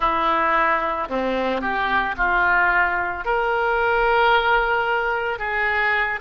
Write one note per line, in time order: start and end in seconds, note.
0.00 1.08 E4
1.09 1.61 C4
1.61 2.15 G4
2.17 3.25 F4
3.25 5.39 A#4
5.39 6.20 G#4